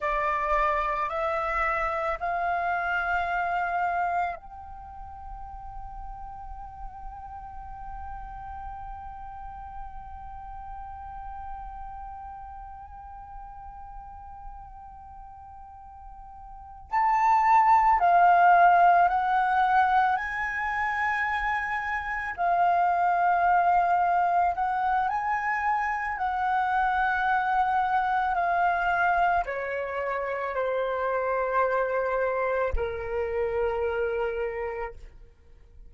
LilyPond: \new Staff \with { instrumentName = "flute" } { \time 4/4 \tempo 4 = 55 d''4 e''4 f''2 | g''1~ | g''1~ | g''2.~ g''8 a''8~ |
a''8 f''4 fis''4 gis''4.~ | gis''8 f''2 fis''8 gis''4 | fis''2 f''4 cis''4 | c''2 ais'2 | }